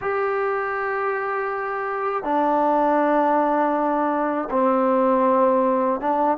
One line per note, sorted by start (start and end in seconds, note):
0.01 2.23 G4
2.23 4.48 D4
4.50 6.00 C4
6.00 6.37 D4